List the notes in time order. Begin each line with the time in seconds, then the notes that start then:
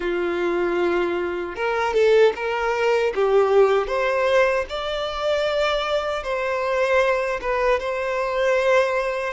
0.00 F4
1.55 A#4
1.93 A4
2.35 A#4
3.14 G4
3.87 C5
4.69 D5
6.23 C5
7.41 B4
7.79 C5